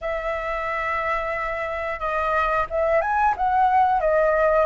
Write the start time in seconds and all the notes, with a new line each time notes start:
0.01 E5
1.99 D#5
2.70 E5
3.01 G#5
3.36 F#5
4.00 D#5